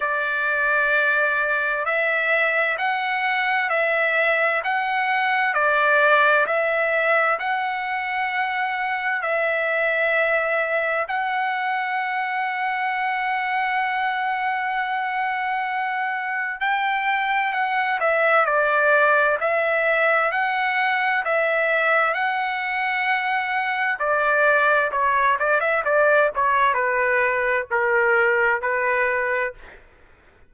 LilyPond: \new Staff \with { instrumentName = "trumpet" } { \time 4/4 \tempo 4 = 65 d''2 e''4 fis''4 | e''4 fis''4 d''4 e''4 | fis''2 e''2 | fis''1~ |
fis''2 g''4 fis''8 e''8 | d''4 e''4 fis''4 e''4 | fis''2 d''4 cis''8 d''16 e''16 | d''8 cis''8 b'4 ais'4 b'4 | }